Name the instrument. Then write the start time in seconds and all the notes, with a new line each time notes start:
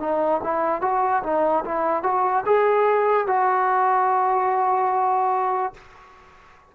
trombone
0.00 D#4
0.44 E4
0.81 F#4
1.23 D#4
1.65 E4
2.03 F#4
2.46 G#4
3.27 F#4